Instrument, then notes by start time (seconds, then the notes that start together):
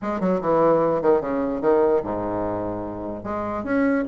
bassoon
0.01 G#3
0.20 F#3
0.41 E3
1.01 D#3
1.21 C#3
1.61 D#3
2.03 G#2
3.23 G#3
3.63 C#4